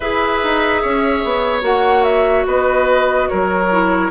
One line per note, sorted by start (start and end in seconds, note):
0.00 0.42 E4
0.00 1.61 G#4
0.00 0.82 B4
0.00 1.61 E5
0.43 0.84 D#4
0.82 1.24 C#4
0.82 2.46 C#5
1.24 1.62 B3
1.61 2.44 A#3
1.61 3.66 F#4
1.61 2.03 F#5
2.03 2.44 E5
2.46 3.28 B3
2.46 3.29 B4
2.46 3.28 D#5
3.28 4.10 F#3
3.28 4.10 A#4
3.28 4.10 C#5
3.71 4.10 E4